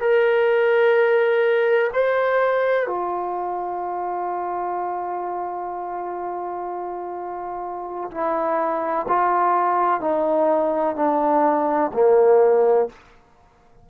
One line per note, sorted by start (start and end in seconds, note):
0.00 1.90 A#4
1.93 2.86 C5
2.86 8.10 F4
8.10 9.06 E4
9.08 10.00 F4
10.00 10.95 D#4
10.95 11.90 D4
11.93 12.88 A#3